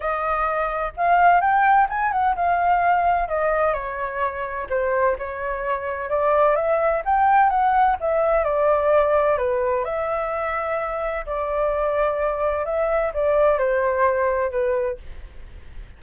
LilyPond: \new Staff \with { instrumentName = "flute" } { \time 4/4 \tempo 4 = 128 dis''2 f''4 g''4 | gis''8 fis''8 f''2 dis''4 | cis''2 c''4 cis''4~ | cis''4 d''4 e''4 g''4 |
fis''4 e''4 d''2 | b'4 e''2. | d''2. e''4 | d''4 c''2 b'4 | }